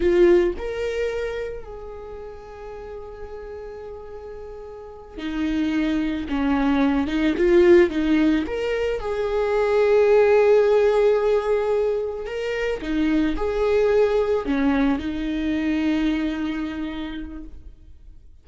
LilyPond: \new Staff \with { instrumentName = "viola" } { \time 4/4 \tempo 4 = 110 f'4 ais'2 gis'4~ | gis'1~ | gis'4. dis'2 cis'8~ | cis'4 dis'8 f'4 dis'4 ais'8~ |
ais'8 gis'2.~ gis'8~ | gis'2~ gis'8 ais'4 dis'8~ | dis'8 gis'2 cis'4 dis'8~ | dis'1 | }